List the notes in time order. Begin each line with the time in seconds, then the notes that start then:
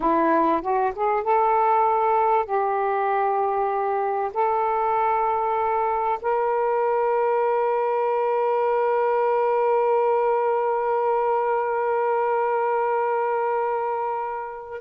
0.00 E4
0.61 F#4
0.95 G#4
1.23 A4
2.45 G4
4.33 A4
6.21 A#4